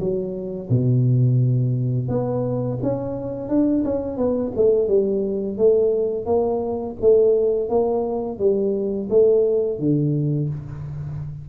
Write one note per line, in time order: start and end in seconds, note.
0.00 0.70 F#3
0.70 2.09 B2
2.09 2.79 B3
2.83 3.49 C#4
3.49 3.84 D4
3.85 4.18 C#4
4.18 4.53 B3
4.56 4.88 A3
4.88 5.58 G3
5.58 6.26 A3
6.26 6.96 A#3
7.01 7.70 A3
7.70 8.39 A#3
8.39 9.09 G3
9.10 9.80 A3
9.80 10.50 D3